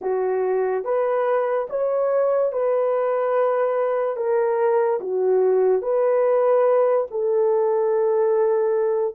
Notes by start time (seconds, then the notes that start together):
0.01 F#4
0.84 B4
1.69 C#5
2.52 B4
4.16 A#4
5.00 F#4
5.81 B4
7.10 A4